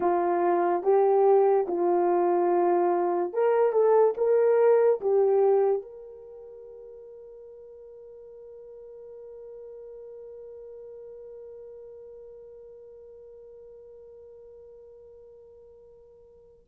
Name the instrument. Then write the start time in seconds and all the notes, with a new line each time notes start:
horn
0.00 F4
0.83 G4
1.67 F4
3.33 A#4
3.72 A4
4.17 A#4
5.00 G4
5.81 A#4